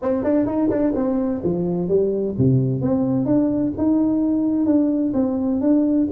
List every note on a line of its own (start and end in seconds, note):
0.01 0.23 C4
0.23 0.46 D4
0.46 0.69 D#4
0.69 0.93 D4
0.95 1.42 C4
1.43 1.88 F3
1.88 2.35 G3
2.37 2.81 C3
2.81 3.25 C4
3.25 3.72 D4
3.77 4.66 D#4
4.66 5.13 D4
5.13 5.60 C4
5.61 6.07 D4